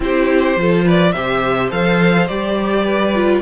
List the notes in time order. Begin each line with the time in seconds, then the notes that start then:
0.00 C4 E4 G4 C5
0.56 F3 F4 A4
0.84 B4 D5
1.12 C3 G4 C5 E5
1.70 F3 A4 F5
2.27 G3 G4 D5
2.85 B4
3.14 F4